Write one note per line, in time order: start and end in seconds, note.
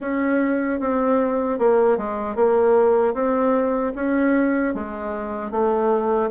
0.00 0.79 C#4
0.80 1.58 C4
1.58 1.97 A#3
1.97 2.35 G#3
2.35 3.14 A#3
3.14 3.93 C4
3.95 4.74 C#4
4.74 5.51 G#3
5.51 6.30 A3